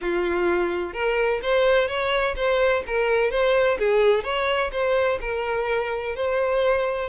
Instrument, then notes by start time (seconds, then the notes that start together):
violin
0.01 F4
0.93 A#4
1.42 C5
1.88 C#5
2.36 C5
2.86 A#4
3.30 C5
3.78 G#4
4.23 C#5
4.72 C5
5.21 A#4
6.15 C5